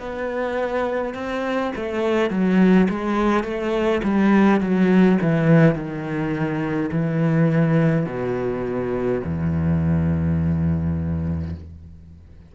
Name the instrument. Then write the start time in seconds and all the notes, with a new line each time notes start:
cello
0.00 B3
1.14 C4
1.76 A3
2.30 F#3
2.90 G#3
3.44 A3
4.03 G3
4.61 F#3
5.22 E3
5.75 D#3
6.92 E3
8.06 B2
9.25 E2